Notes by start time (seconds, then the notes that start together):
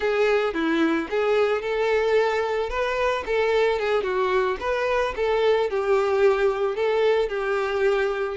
0.00 G#4
0.54 E4
1.10 G#4
1.61 A4
2.69 B4
3.26 A4
3.79 G#4
4.03 F#4
4.60 B4
5.16 A4
5.70 G4
6.75 A4
7.28 G4